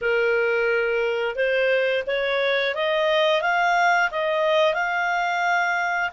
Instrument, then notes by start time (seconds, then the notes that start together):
clarinet
0.01 A#4
1.35 C5
2.06 C#5
2.74 D#5
3.41 F5
4.11 D#5
4.74 F5